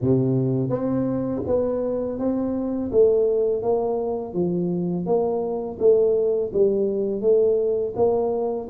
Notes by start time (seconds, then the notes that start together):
0.01 C3
0.69 C4
1.46 B3
2.18 C4
2.91 A3
3.62 A#3
4.33 F3
5.05 A#3
5.79 A3
6.53 G3
7.21 A3
7.96 A#3